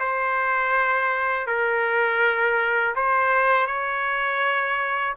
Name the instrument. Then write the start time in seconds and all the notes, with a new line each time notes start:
trumpet
0.00 C5
1.47 A#4
2.96 C5
3.67 C#5